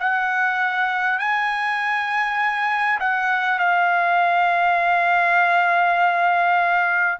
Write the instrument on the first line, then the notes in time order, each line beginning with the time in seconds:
trumpet
0.00 F#5
1.19 G#5
3.00 F#5
3.59 F5